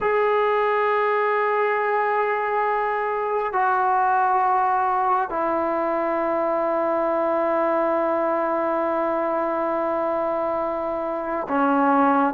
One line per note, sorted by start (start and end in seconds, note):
0.00 3.53 G#4
3.53 5.29 F#4
5.29 11.47 E4
11.48 12.33 C#4